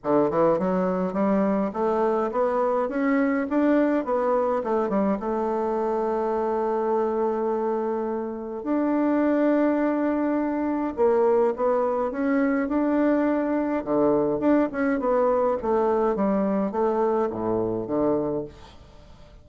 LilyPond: \new Staff \with { instrumentName = "bassoon" } { \time 4/4 \tempo 4 = 104 d8 e8 fis4 g4 a4 | b4 cis'4 d'4 b4 | a8 g8 a2.~ | a2. d'4~ |
d'2. ais4 | b4 cis'4 d'2 | d4 d'8 cis'8 b4 a4 | g4 a4 a,4 d4 | }